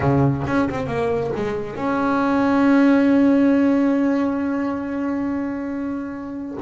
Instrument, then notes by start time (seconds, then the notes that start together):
double bass
0.00 C#3
0.46 C#4
0.69 C4
0.86 A#3
1.36 G#3
1.75 C#4